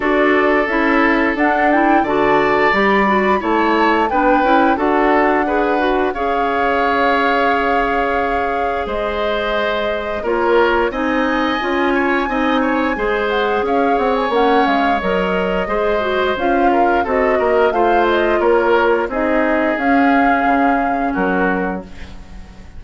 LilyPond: <<
  \new Staff \with { instrumentName = "flute" } { \time 4/4 \tempo 4 = 88 d''4 e''4 fis''8 g''8 a''4 | b''4 a''4 g''4 fis''4~ | fis''4 f''2.~ | f''4 dis''2 cis''4 |
gis''2.~ gis''8 fis''8 | f''8 fis''16 gis''16 fis''8 f''8 dis''2 | f''4 dis''4 f''8 dis''8 cis''4 | dis''4 f''2 ais'4 | }
  \new Staff \with { instrumentName = "oboe" } { \time 4/4 a'2. d''4~ | d''4 cis''4 b'4 a'4 | b'4 cis''2.~ | cis''4 c''2 ais'4 |
dis''4. cis''8 dis''8 cis''8 c''4 | cis''2. c''4~ | c''8 ais'8 a'8 ais'8 c''4 ais'4 | gis'2. fis'4 | }
  \new Staff \with { instrumentName = "clarinet" } { \time 4/4 fis'4 e'4 d'8 e'8 fis'4 | g'8 fis'8 e'4 d'8 e'8 fis'4 | gis'8 fis'8 gis'2.~ | gis'2. f'4 |
dis'4 f'4 dis'4 gis'4~ | gis'4 cis'4 ais'4 gis'8 fis'8 | f'4 fis'4 f'2 | dis'4 cis'2. | }
  \new Staff \with { instrumentName = "bassoon" } { \time 4/4 d'4 cis'4 d'4 d4 | g4 a4 b8 cis'8 d'4~ | d'4 cis'2.~ | cis'4 gis2 ais4 |
c'4 cis'4 c'4 gis4 | cis'8 c'8 ais8 gis8 fis4 gis4 | cis'4 c'8 ais8 a4 ais4 | c'4 cis'4 cis4 fis4 | }
>>